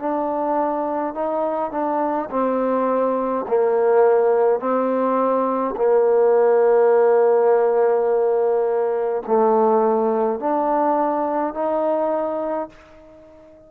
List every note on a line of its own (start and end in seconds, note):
0.00 1.15 D4
1.15 1.72 D#4
1.72 2.30 D4
2.31 3.46 C4
3.49 4.60 A#3
4.60 5.75 C4
5.77 9.23 A#3
9.27 10.40 A3
10.40 11.54 D4
11.54 12.70 D#4